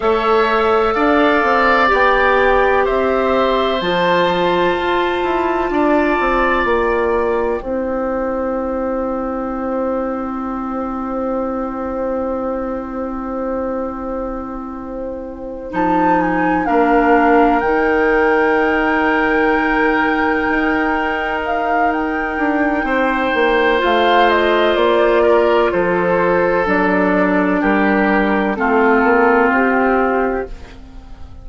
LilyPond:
<<
  \new Staff \with { instrumentName = "flute" } { \time 4/4 \tempo 4 = 63 e''4 f''4 g''4 e''4 | a''2. g''4~ | g''1~ | g''1~ |
g''8 a''8 gis''8 f''4 g''4.~ | g''2~ g''8 f''8 g''4~ | g''4 f''8 dis''8 d''4 c''4 | d''4 ais'4 a'4 g'4 | }
  \new Staff \with { instrumentName = "oboe" } { \time 4/4 cis''4 d''2 c''4~ | c''2 d''2 | c''1~ | c''1~ |
c''4. ais'2~ ais'8~ | ais'1 | c''2~ c''8 ais'8 a'4~ | a'4 g'4 f'2 | }
  \new Staff \with { instrumentName = "clarinet" } { \time 4/4 a'2 g'2 | f'1 | e'1~ | e'1~ |
e'8 dis'4 d'4 dis'4.~ | dis'1~ | dis'4 f'2. | d'2 c'2 | }
  \new Staff \with { instrumentName = "bassoon" } { \time 4/4 a4 d'8 c'8 b4 c'4 | f4 f'8 e'8 d'8 c'8 ais4 | c'1~ | c'1~ |
c'8 f4 ais4 dis4.~ | dis4. dis'2 d'8 | c'8 ais8 a4 ais4 f4 | fis4 g4 a8 ais8 c'4 | }
>>